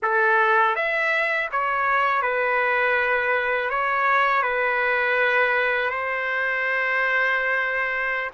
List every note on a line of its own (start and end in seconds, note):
0.02 0.75 A4
0.75 1.49 E5
1.52 2.22 C#5
2.22 3.70 B4
3.70 4.42 C#5
4.42 5.90 B4
5.90 8.30 C5